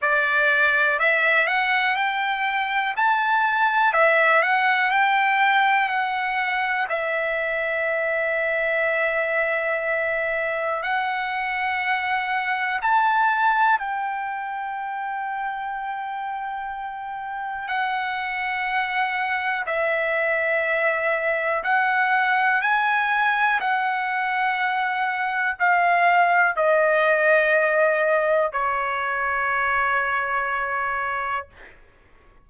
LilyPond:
\new Staff \with { instrumentName = "trumpet" } { \time 4/4 \tempo 4 = 61 d''4 e''8 fis''8 g''4 a''4 | e''8 fis''8 g''4 fis''4 e''4~ | e''2. fis''4~ | fis''4 a''4 g''2~ |
g''2 fis''2 | e''2 fis''4 gis''4 | fis''2 f''4 dis''4~ | dis''4 cis''2. | }